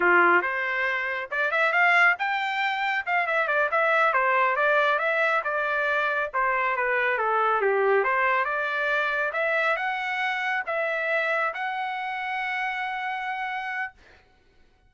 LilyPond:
\new Staff \with { instrumentName = "trumpet" } { \time 4/4 \tempo 4 = 138 f'4 c''2 d''8 e''8 | f''4 g''2 f''8 e''8 | d''8 e''4 c''4 d''4 e''8~ | e''8 d''2 c''4 b'8~ |
b'8 a'4 g'4 c''4 d''8~ | d''4. e''4 fis''4.~ | fis''8 e''2 fis''4.~ | fis''1 | }